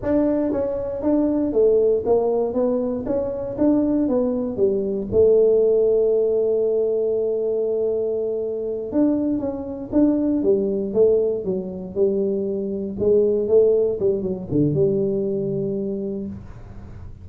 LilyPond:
\new Staff \with { instrumentName = "tuba" } { \time 4/4 \tempo 4 = 118 d'4 cis'4 d'4 a4 | ais4 b4 cis'4 d'4 | b4 g4 a2~ | a1~ |
a4. d'4 cis'4 d'8~ | d'8 g4 a4 fis4 g8~ | g4. gis4 a4 g8 | fis8 d8 g2. | }